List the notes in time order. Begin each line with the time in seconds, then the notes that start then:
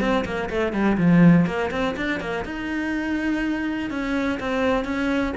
0.00 C4
0.25 A#3
0.49 A3
0.73 G3
0.97 F3
1.46 A#3
1.71 C4
1.96 D4
2.20 A#3
2.45 D#4
3.90 C#4
4.40 C4
4.84 C#4